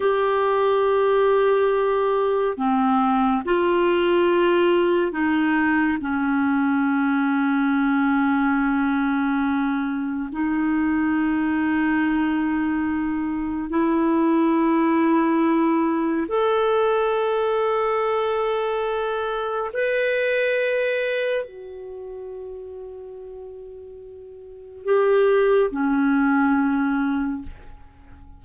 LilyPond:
\new Staff \with { instrumentName = "clarinet" } { \time 4/4 \tempo 4 = 70 g'2. c'4 | f'2 dis'4 cis'4~ | cis'1 | dis'1 |
e'2. a'4~ | a'2. b'4~ | b'4 fis'2.~ | fis'4 g'4 cis'2 | }